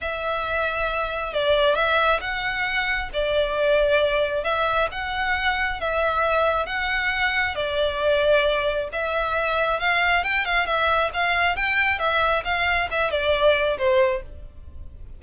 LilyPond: \new Staff \with { instrumentName = "violin" } { \time 4/4 \tempo 4 = 135 e''2. d''4 | e''4 fis''2 d''4~ | d''2 e''4 fis''4~ | fis''4 e''2 fis''4~ |
fis''4 d''2. | e''2 f''4 g''8 f''8 | e''4 f''4 g''4 e''4 | f''4 e''8 d''4. c''4 | }